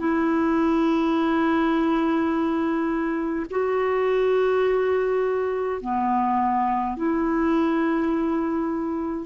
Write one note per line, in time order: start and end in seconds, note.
0.00 3.46 E4
3.51 5.82 F#4
5.82 6.97 B3
6.98 9.26 E4